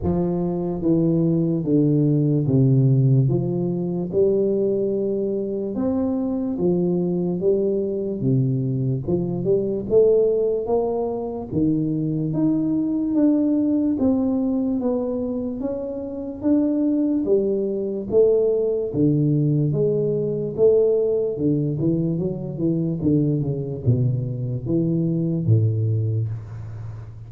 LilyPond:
\new Staff \with { instrumentName = "tuba" } { \time 4/4 \tempo 4 = 73 f4 e4 d4 c4 | f4 g2 c'4 | f4 g4 c4 f8 g8 | a4 ais4 dis4 dis'4 |
d'4 c'4 b4 cis'4 | d'4 g4 a4 d4 | gis4 a4 d8 e8 fis8 e8 | d8 cis8 b,4 e4 a,4 | }